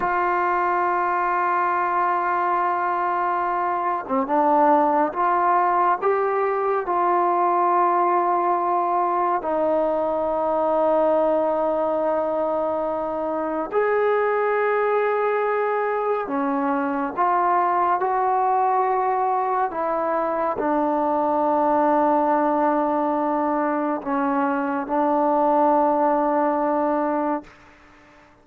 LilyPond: \new Staff \with { instrumentName = "trombone" } { \time 4/4 \tempo 4 = 70 f'1~ | f'8. c'16 d'4 f'4 g'4 | f'2. dis'4~ | dis'1 |
gis'2. cis'4 | f'4 fis'2 e'4 | d'1 | cis'4 d'2. | }